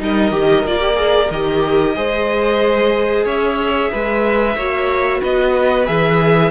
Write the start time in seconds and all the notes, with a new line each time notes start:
0.00 G3 D#4 A#4 D#5
0.31 D#3 G4
0.65 A#3 F4 D5
0.80 G4
0.96 G#4
1.30 D#3 G4 D#5
1.96 G#3 G#4 C5
3.26 C#4 C#5 E5
3.92 G#3 B4
4.56 A#3 F#4 C#5
5.21 B3 B4 D#5
5.86 E3 G#4 E5